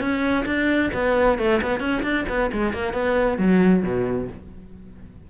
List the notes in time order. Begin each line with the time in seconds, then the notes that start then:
0.00 C#4
0.46 D4
0.93 B3
1.38 A3
1.62 B3
1.80 C#4
2.03 D4
2.29 B3
2.52 G#3
2.73 A#3
2.93 B3
3.38 F#3
3.83 B2